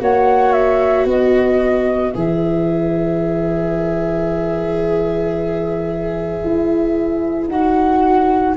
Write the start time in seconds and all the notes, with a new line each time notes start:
0.00 A#3 F#4 C#5 F#5
0.52 E5
1.05 B3 B4 D#5
2.11 E3 G#4 E5
6.44 E4
7.48 D#4 F#4 F#5